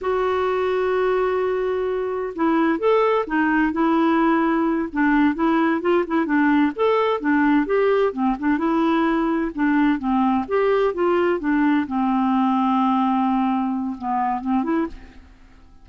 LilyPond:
\new Staff \with { instrumentName = "clarinet" } { \time 4/4 \tempo 4 = 129 fis'1~ | fis'4 e'4 a'4 dis'4 | e'2~ e'8 d'4 e'8~ | e'8 f'8 e'8 d'4 a'4 d'8~ |
d'8 g'4 c'8 d'8 e'4.~ | e'8 d'4 c'4 g'4 f'8~ | f'8 d'4 c'2~ c'8~ | c'2 b4 c'8 e'8 | }